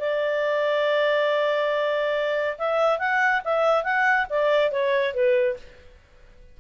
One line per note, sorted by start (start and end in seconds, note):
0.00 2.57 D5
2.58 2.99 E5
2.99 3.42 F#5
3.45 3.84 E5
3.84 4.27 F#5
4.30 4.71 D5
4.71 5.14 C#5
5.14 5.57 B4